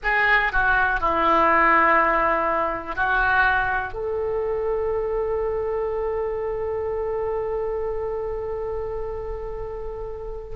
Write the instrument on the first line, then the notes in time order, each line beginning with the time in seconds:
oboe
0.03 G#4
0.52 F#4
1.00 E4
2.95 F#4
3.93 A4